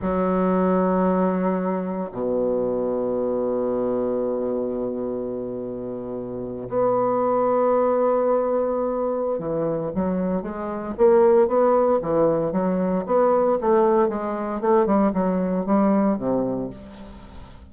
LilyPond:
\new Staff \with { instrumentName = "bassoon" } { \time 4/4 \tempo 4 = 115 fis1 | b,1~ | b,1~ | b,8. b2.~ b16~ |
b2 e4 fis4 | gis4 ais4 b4 e4 | fis4 b4 a4 gis4 | a8 g8 fis4 g4 c4 | }